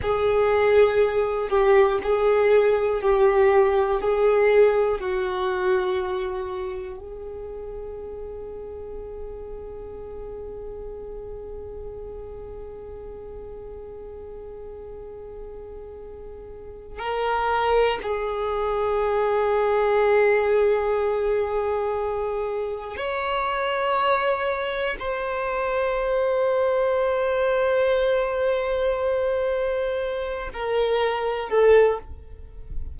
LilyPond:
\new Staff \with { instrumentName = "violin" } { \time 4/4 \tempo 4 = 60 gis'4. g'8 gis'4 g'4 | gis'4 fis'2 gis'4~ | gis'1~ | gis'1~ |
gis'4 ais'4 gis'2~ | gis'2. cis''4~ | cis''4 c''2.~ | c''2~ c''8 ais'4 a'8 | }